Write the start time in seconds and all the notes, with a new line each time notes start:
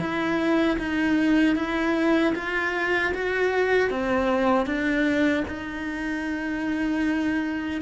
0.00 E4
0.79 D#4
1.56 E4
2.35 F4
3.15 F#4
3.90 C4
4.66 D4
5.48 D#4